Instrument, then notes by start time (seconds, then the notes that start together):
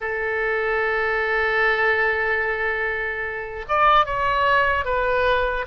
oboe
0.00 A4
3.68 D5
4.05 C#5
4.84 B4